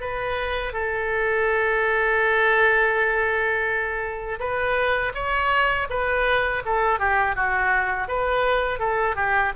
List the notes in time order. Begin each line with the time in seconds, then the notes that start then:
0.00 B4
0.73 A4
4.39 B4
5.14 C#5
5.89 B4
6.65 A4
6.99 G4
7.35 F#4
8.08 B4
8.79 A4
9.16 G4